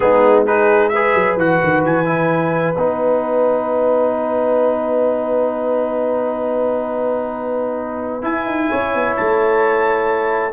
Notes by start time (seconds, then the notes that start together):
0.00 G#3 B3 D#4 G#4
0.46 D#4 G#4 B4
0.88 B4 E5
0.95 G#4
1.14 F#3
1.36 E3 F#4 F#5
1.63 D#3
1.84 E3 G#5
2.05 E4
2.75 B3 D#4 F#5
8.22 E4 G#5
8.45 D#4
8.69 C#4 C#5
8.94 B3
9.16 A3 A5